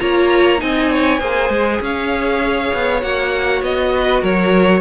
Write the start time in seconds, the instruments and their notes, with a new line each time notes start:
0.00 cello A#3, viola F4, violin C#5 A#5
0.59 cello C4, viola D#4, violin D#5 G#5
0.92 violin C#5
1.20 cello A#3, viola G#4, violin C5
1.50 cello G#3
1.81 cello C#4, violin C#5 F5
2.73 cello B3
3.02 cello A#3, viola F#4, violin F#5
3.62 cello B3, violin D#5
3.96 violin B4
4.21 cello F#3, violin A#4 C#5